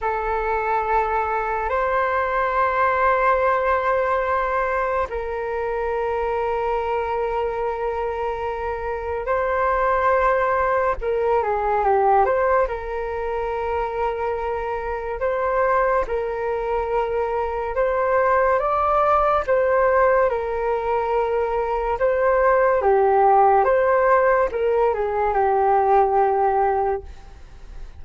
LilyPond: \new Staff \with { instrumentName = "flute" } { \time 4/4 \tempo 4 = 71 a'2 c''2~ | c''2 ais'2~ | ais'2. c''4~ | c''4 ais'8 gis'8 g'8 c''8 ais'4~ |
ais'2 c''4 ais'4~ | ais'4 c''4 d''4 c''4 | ais'2 c''4 g'4 | c''4 ais'8 gis'8 g'2 | }